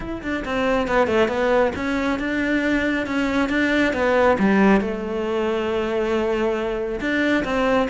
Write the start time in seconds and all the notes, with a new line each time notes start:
0.00 E4
0.22 D4
0.45 C4
0.87 B3
1.07 A3
1.28 B3
1.75 C#4
2.19 D4
3.06 C#4
3.49 D4
3.93 B3
4.38 G3
4.81 A3
7.00 D4
7.44 C4